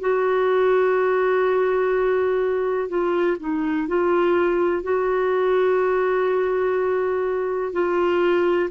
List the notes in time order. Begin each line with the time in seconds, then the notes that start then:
0.00 F#4
2.89 F4
3.40 D#4
3.88 F4
4.83 F#4
7.73 F4